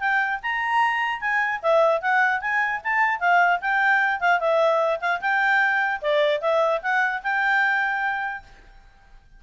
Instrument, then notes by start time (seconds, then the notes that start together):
clarinet
0.00 G5
0.43 A#5
1.21 G#5
1.63 E5
2.02 F#5
2.41 G#5
2.84 A5
3.20 F5
3.61 G5
4.21 F5
4.40 E5
5.01 F5
5.21 G5
6.02 D5
6.41 E5
6.83 F#5
7.23 G5